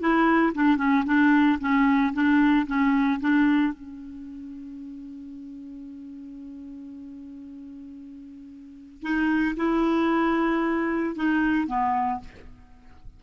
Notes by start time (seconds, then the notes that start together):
0.00 E4
0.55 D4
0.77 C#4
1.06 D4
1.60 C#4
2.14 D4
2.67 C#4
3.21 D4
3.73 C#4
9.02 D#4
9.56 E4
11.16 D#4
11.67 B3